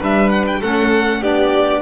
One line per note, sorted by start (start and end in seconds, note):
0.00 0.61 G3
0.00 0.62 D4
0.00 0.60 B4
0.00 0.29 E5
0.29 0.45 F#5
0.46 0.61 G5
0.60 1.22 A3
0.60 1.23 C#4
0.60 1.21 A4
0.60 1.22 F#5
1.21 1.81 B3
1.21 1.81 D4
1.21 1.81 G4
1.21 1.81 D5